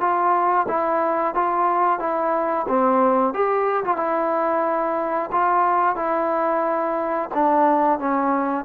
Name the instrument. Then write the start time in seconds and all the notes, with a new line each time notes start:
trombone
0.00 F4
0.68 E4
1.35 F4
1.99 E4
2.68 C4
3.34 G4
3.84 F4
3.97 E4
5.32 F4
5.96 E4
7.34 D4
7.99 C#4